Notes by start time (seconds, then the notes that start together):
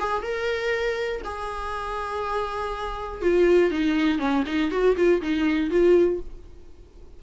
0.00 G#4
0.23 A#4
1.25 G#4
3.22 F4
3.71 D#4
4.19 C#4
4.47 D#4
4.72 F#4
4.97 F4
5.22 D#4
5.71 F4